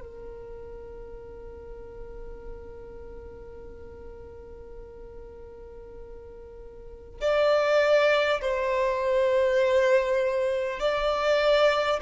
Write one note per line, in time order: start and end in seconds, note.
0.00 7.20 A#4
7.20 8.40 D5
8.41 10.79 C5
10.79 11.99 D5